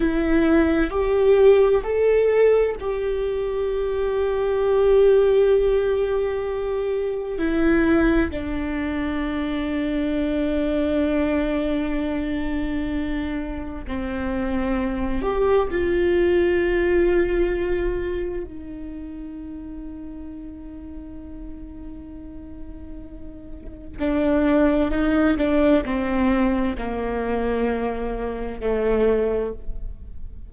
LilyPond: \new Staff \with { instrumentName = "viola" } { \time 4/4 \tempo 4 = 65 e'4 g'4 a'4 g'4~ | g'1 | e'4 d'2.~ | d'2. c'4~ |
c'8 g'8 f'2. | dis'1~ | dis'2 d'4 dis'8 d'8 | c'4 ais2 a4 | }